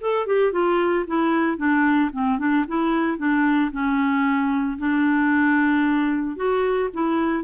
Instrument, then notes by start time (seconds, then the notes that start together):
clarinet
0.00 A4
0.26 G4
0.52 F4
1.07 E4
1.57 D4
2.12 C4
2.38 D4
2.67 E4
3.17 D4
3.71 C#4
4.78 D4
6.36 F#4
6.93 E4